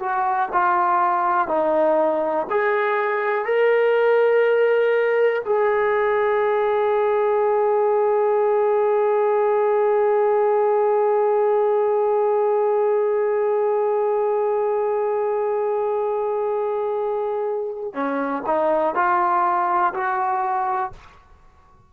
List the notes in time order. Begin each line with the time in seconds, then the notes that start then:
0.00 F#4
0.53 F4
1.48 D#4
2.51 G#4
3.46 A#4
5.46 G#4
17.94 C#4
18.46 D#4
18.96 F4
19.94 F#4